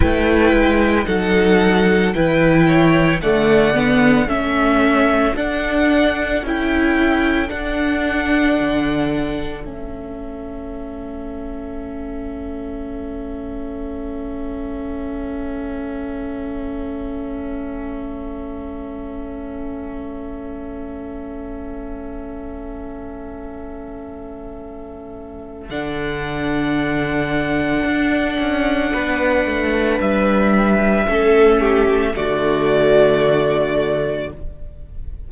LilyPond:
<<
  \new Staff \with { instrumentName = "violin" } { \time 4/4 \tempo 4 = 56 g''4 fis''4 g''4 fis''4 | e''4 fis''4 g''4 fis''4~ | fis''4 e''2.~ | e''1~ |
e''1~ | e''1 | fis''1 | e''2 d''2 | }
  \new Staff \with { instrumentName = "violin" } { \time 4/4 b'4 a'4 b'8 cis''8 d''4 | a'1~ | a'1~ | a'1~ |
a'1~ | a'1~ | a'2. b'4~ | b'4 a'8 g'8 fis'2 | }
  \new Staff \with { instrumentName = "viola" } { \time 4/4 e'4 dis'4 e'4 a8 b8 | cis'4 d'4 e'4 d'4~ | d'4 cis'2.~ | cis'1~ |
cis'1~ | cis'1 | d'1~ | d'4 cis'4 a2 | }
  \new Staff \with { instrumentName = "cello" } { \time 4/4 a8 gis8 fis4 e4 d4 | a4 d'4 cis'4 d'4 | d4 a2.~ | a1~ |
a1~ | a1 | d2 d'8 cis'8 b8 a8 | g4 a4 d2 | }
>>